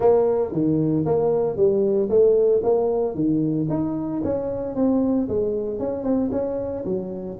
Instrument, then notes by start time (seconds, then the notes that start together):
tuba
0.00 A#3
0.52 D#3
1.05 A#3
1.56 G3
2.09 A3
2.63 A#3
3.14 D#3
3.69 D#4
4.24 C#4
4.75 C4
5.28 G#3
5.79 C#4
6.03 C4
6.31 C#4
6.84 F#3